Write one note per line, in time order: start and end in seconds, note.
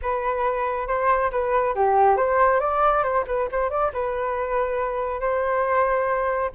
0.02 0.87 B4
0.87 1.30 C5
1.31 1.75 B4
1.75 2.16 G4
2.16 2.59 C5
2.59 3.03 D5
3.03 3.24 C5
3.26 3.48 B4
3.51 3.70 C5
3.70 3.91 D5
3.93 5.20 B4
5.20 6.50 C5